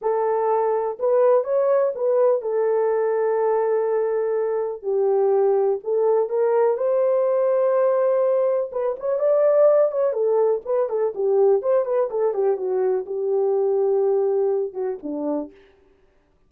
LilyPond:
\new Staff \with { instrumentName = "horn" } { \time 4/4 \tempo 4 = 124 a'2 b'4 cis''4 | b'4 a'2.~ | a'2 g'2 | a'4 ais'4 c''2~ |
c''2 b'8 cis''8 d''4~ | d''8 cis''8 a'4 b'8 a'8 g'4 | c''8 b'8 a'8 g'8 fis'4 g'4~ | g'2~ g'8 fis'8 d'4 | }